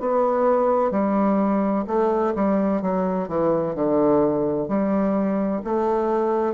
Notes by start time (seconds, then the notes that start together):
0.00 B3
0.91 G3
1.87 A3
2.34 G3
2.81 F#3
3.28 E3
3.75 D3
4.68 G3
5.64 A3